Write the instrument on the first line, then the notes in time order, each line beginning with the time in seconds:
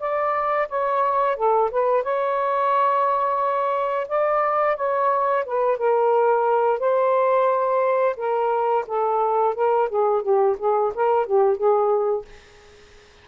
saxophone
0.00 D5
0.69 C#5
1.36 A4
1.71 B4
2.03 C#5
4.08 D5
4.77 C#5
5.46 B4
5.78 A#4
6.80 C5
8.17 A#4
8.88 A4
9.55 A#4
9.90 G#4
10.22 G4
10.59 G#4
10.95 A#4
11.27 G4
11.57 G#4